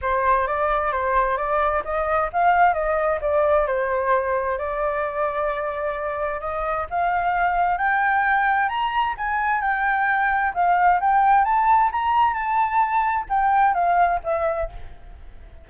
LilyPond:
\new Staff \with { instrumentName = "flute" } { \time 4/4 \tempo 4 = 131 c''4 d''4 c''4 d''4 | dis''4 f''4 dis''4 d''4 | c''2 d''2~ | d''2 dis''4 f''4~ |
f''4 g''2 ais''4 | gis''4 g''2 f''4 | g''4 a''4 ais''4 a''4~ | a''4 g''4 f''4 e''4 | }